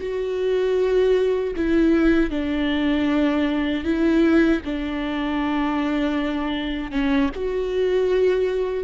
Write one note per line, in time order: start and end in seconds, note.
0.00 1.54 F#4
1.56 2.30 E4
2.30 3.84 D4
3.84 4.61 E4
4.65 6.91 D4
6.91 7.30 C#4
7.35 8.84 F#4